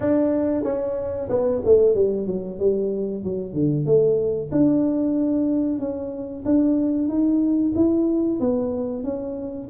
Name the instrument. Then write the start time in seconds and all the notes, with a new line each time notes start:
tuba
0.00 D4
0.63 C#4
1.29 B3
1.65 A3
1.94 G3
2.26 F#3
2.59 G3
3.23 F#3
3.53 D3
3.85 A3
4.51 D4
5.79 C#4
6.45 D4
7.08 D#4
7.75 E4
8.40 B3
9.03 C#4